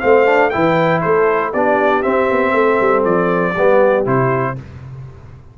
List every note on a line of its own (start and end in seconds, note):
0.00 0.54 A3
0.00 0.26 C4
0.00 0.51 C5
0.00 0.50 F5
0.26 0.51 D4
0.50 1.05 E3
0.50 1.53 E4
0.50 1.01 B4
0.50 1.00 G5
1.01 1.54 A3
1.01 1.52 A4
1.01 1.51 C5
1.53 2.04 B3
1.53 2.03 D4
1.53 2.54 G4
1.53 2.02 D5
2.02 3.54 C4
2.02 2.30 C4
2.02 3.03 E5
2.30 2.53 B3
2.53 2.78 A3
2.53 3.53 A4
2.80 3.05 G3
3.04 3.55 F3
3.04 4.05 D5
3.53 4.06 G3
3.53 4.05 B3
3.53 4.54 G4
4.05 4.56 C3
4.05 4.55 E4
4.05 4.58 C5